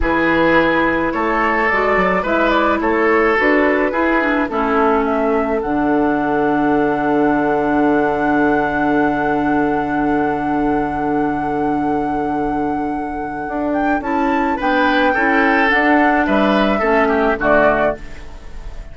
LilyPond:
<<
  \new Staff \with { instrumentName = "flute" } { \time 4/4 \tempo 4 = 107 b'2 cis''4 d''4 | e''8 d''8 cis''4 b'2 | a'4 e''4 fis''2~ | fis''1~ |
fis''1~ | fis''1~ | fis''8 g''8 a''4 g''2 | fis''4 e''2 d''4 | }
  \new Staff \with { instrumentName = "oboe" } { \time 4/4 gis'2 a'2 | b'4 a'2 gis'4 | e'4 a'2.~ | a'1~ |
a'1~ | a'1~ | a'2 b'4 a'4~ | a'4 b'4 a'8 g'8 fis'4 | }
  \new Staff \with { instrumentName = "clarinet" } { \time 4/4 e'2. fis'4 | e'2 fis'4 e'8 d'8 | cis'2 d'2~ | d'1~ |
d'1~ | d'1~ | d'4 e'4 d'4 e'4 | d'2 cis'4 a4 | }
  \new Staff \with { instrumentName = "bassoon" } { \time 4/4 e2 a4 gis8 fis8 | gis4 a4 d'4 e'4 | a2 d2~ | d1~ |
d1~ | d1 | d'4 cis'4 b4 cis'4 | d'4 g4 a4 d4 | }
>>